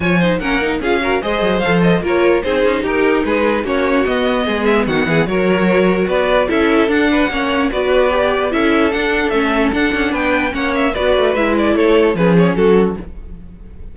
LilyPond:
<<
  \new Staff \with { instrumentName = "violin" } { \time 4/4 \tempo 4 = 148 gis''4 fis''4 f''4 dis''4 | f''8 dis''8 cis''4 c''4 ais'4 | b'4 cis''4 dis''4. e''8 | fis''4 cis''2 d''4 |
e''4 fis''2 d''4~ | d''4 e''4 fis''4 e''4 | fis''4 g''4 fis''8 e''8 d''4 | e''8 d''8 cis''4 b'8 cis''8 a'4 | }
  \new Staff \with { instrumentName = "violin" } { \time 4/4 cis''8 c''8 ais'4 gis'8 ais'8 c''4~ | c''4 ais'4 gis'4 g'4 | gis'4 fis'2 gis'4 | fis'8 gis'8 ais'2 b'4 |
a'4. b'8 cis''4 b'4~ | b'4 a'2.~ | a'4 b'4 cis''4 b'4~ | b'4 a'4 gis'4 fis'4 | }
  \new Staff \with { instrumentName = "viola" } { \time 4/4 f'8 dis'8 cis'8 dis'8 f'8 fis'8 gis'4 | a'4 f'4 dis'2~ | dis'4 cis'4 b2~ | b4 fis'2. |
e'4 d'4 cis'4 fis'4 | g'4 e'4 d'4 cis'4 | d'2 cis'4 fis'4 | e'2 cis'2 | }
  \new Staff \with { instrumentName = "cello" } { \time 4/4 f4 ais4 cis'4 gis8 fis8 | f4 ais4 c'8 cis'8 dis'4 | gis4 ais4 b4 gis4 | dis8 e8 fis2 b4 |
cis'4 d'4 ais4 b4~ | b4 cis'4 d'4 a4 | d'8 cis'8 b4 ais4 b8 a8 | gis4 a4 f4 fis4 | }
>>